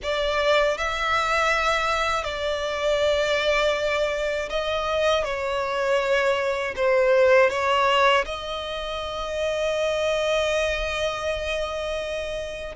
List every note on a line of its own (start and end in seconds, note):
0.02 0.77 D5
0.77 2.24 E5
2.24 4.49 D5
4.49 5.24 D#5
5.24 6.74 C#5
6.75 7.50 C5
7.50 8.25 C#5
8.25 12.75 D#5